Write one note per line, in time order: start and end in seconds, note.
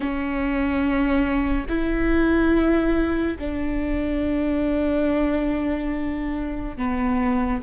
0.00 1.66 C#4
1.68 3.37 E4
3.38 6.76 D4
6.76 7.61 B3